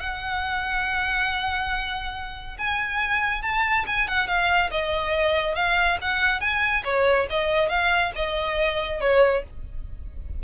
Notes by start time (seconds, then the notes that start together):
0.00 F#5
2.58 G#5
3.42 A5
3.87 G#5
4.08 F#5
4.27 F5
4.71 D#5
5.55 F5
6.02 F#5
6.41 G#5
6.84 C#5
7.30 D#5
7.69 F5
8.16 D#5
9.01 C#5